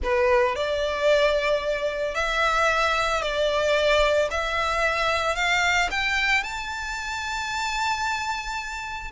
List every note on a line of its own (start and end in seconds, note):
0.03 0.55 B4
0.55 2.14 D5
2.14 3.21 E5
3.21 4.29 D5
4.31 5.35 E5
5.35 5.89 F5
5.91 6.43 G5
6.43 9.11 A5